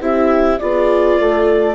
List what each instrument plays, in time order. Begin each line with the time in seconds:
0.00 bassoon C4, viola E4, horn G4, clarinet E5
0.59 bassoon B3, viola F4, horn G#4, clarinet D5
1.19 bassoon A3, horn A4